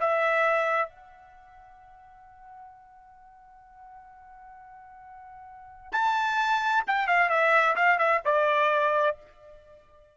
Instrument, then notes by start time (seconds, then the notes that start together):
trumpet
0.00 E5
0.89 F#5
5.92 A5
6.87 G5
7.07 F5
7.29 E5
7.76 F5
7.98 E5
8.25 D5